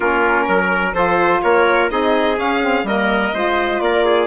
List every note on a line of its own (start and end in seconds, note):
0.00 0.48 A#3
0.00 0.94 C#4
0.00 0.48 F4
0.00 0.93 A#4
0.48 0.93 F#3
0.48 0.95 A#4
0.93 1.40 F3
0.93 1.89 F4
0.93 1.42 A4
0.93 1.41 C5
1.42 1.91 A#3
1.42 1.91 A#4
1.42 1.89 C#5
1.89 2.39 C4
1.89 2.35 D#4
1.89 2.86 G#4
1.89 2.38 D#5
2.35 2.59 C#4
2.35 2.83 C#4
2.35 2.86 F5
2.61 2.85 C4
2.83 3.31 G3
2.83 3.34 A#3
2.83 3.34 A#4
2.83 3.80 D#5
3.34 3.80 G#3
3.34 4.27 F4
3.34 3.82 C5
3.80 4.27 A#3
3.80 4.05 A#4
3.80 4.27 D5
4.05 4.27 G#4